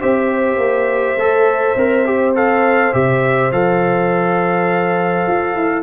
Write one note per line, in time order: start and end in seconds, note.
0.00 0.58 C4
0.00 1.18 G4
0.00 5.83 C5
0.00 2.35 E5
0.58 1.16 A#3
1.17 1.75 A3
1.17 1.77 A4
1.76 2.92 C4
1.76 2.05 A#4
2.05 2.34 G4
2.35 2.93 A4
2.35 2.94 F5
2.93 3.52 C3
2.93 3.51 G4
2.93 3.52 E5
3.52 5.26 F3
3.52 5.83 A4
3.52 5.83 F5
5.27 5.55 F4
5.55 5.83 E4